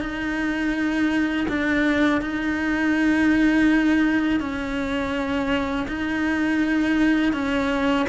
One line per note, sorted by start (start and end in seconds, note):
0.00 1.46 D#4
1.48 2.21 D4
2.21 4.40 D#4
4.40 5.86 C#4
5.88 7.32 D#4
7.32 8.06 C#4